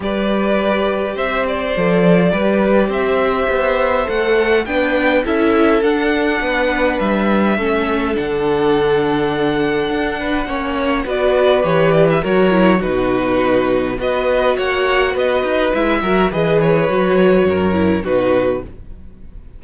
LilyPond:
<<
  \new Staff \with { instrumentName = "violin" } { \time 4/4 \tempo 4 = 103 d''2 e''8 d''4.~ | d''4 e''2 fis''4 | g''4 e''4 fis''2 | e''2 fis''2~ |
fis''2. d''4 | cis''8 d''16 e''16 cis''4 b'2 | dis''4 fis''4 dis''4 e''4 | dis''8 cis''2~ cis''8 b'4 | }
  \new Staff \with { instrumentName = "violin" } { \time 4/4 b'2 c''2 | b'4 c''2. | b'4 a'2 b'4~ | b'4 a'2.~ |
a'4. b'8 cis''4 b'4~ | b'4 ais'4 fis'2 | b'4 cis''4 b'4. ais'8 | b'2 ais'4 fis'4 | }
  \new Staff \with { instrumentName = "viola" } { \time 4/4 g'2. a'4 | g'2. a'4 | d'4 e'4 d'2~ | d'4 cis'4 d'2~ |
d'2 cis'4 fis'4 | g'4 fis'8 e'8 dis'2 | fis'2. e'8 fis'8 | gis'4 fis'4. e'8 dis'4 | }
  \new Staff \with { instrumentName = "cello" } { \time 4/4 g2 c'4 f4 | g4 c'4 b4 a4 | b4 cis'4 d'4 b4 | g4 a4 d2~ |
d4 d'4 ais4 b4 | e4 fis4 b,2 | b4 ais4 b8 dis'8 gis8 fis8 | e4 fis4 fis,4 b,4 | }
>>